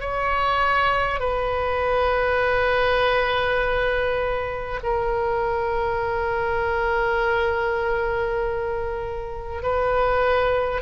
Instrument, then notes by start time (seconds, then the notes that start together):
oboe
0.00 C#5
1.19 B4
4.83 A#4
9.62 B4